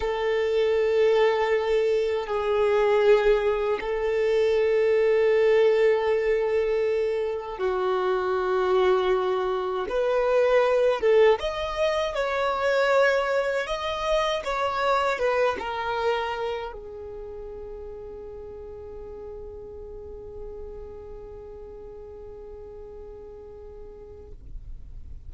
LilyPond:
\new Staff \with { instrumentName = "violin" } { \time 4/4 \tempo 4 = 79 a'2. gis'4~ | gis'4 a'2.~ | a'2 fis'2~ | fis'4 b'4. a'8 dis''4 |
cis''2 dis''4 cis''4 | b'8 ais'4. gis'2~ | gis'1~ | gis'1 | }